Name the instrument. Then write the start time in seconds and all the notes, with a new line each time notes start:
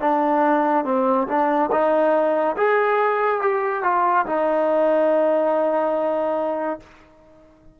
trombone
0.00 D4
0.85 C4
1.28 D4
1.71 D#4
2.56 G#4
3.41 G4
3.83 F4
4.26 D#4